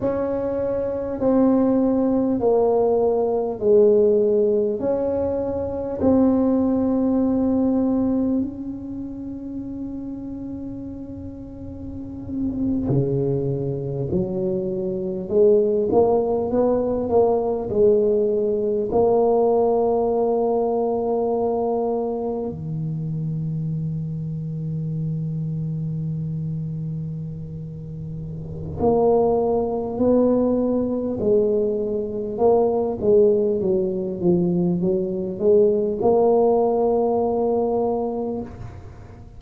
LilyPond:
\new Staff \with { instrumentName = "tuba" } { \time 4/4 \tempo 4 = 50 cis'4 c'4 ais4 gis4 | cis'4 c'2 cis'4~ | cis'2~ cis'8. cis4 fis16~ | fis8. gis8 ais8 b8 ais8 gis4 ais16~ |
ais2~ ais8. dis4~ dis16~ | dis1 | ais4 b4 gis4 ais8 gis8 | fis8 f8 fis8 gis8 ais2 | }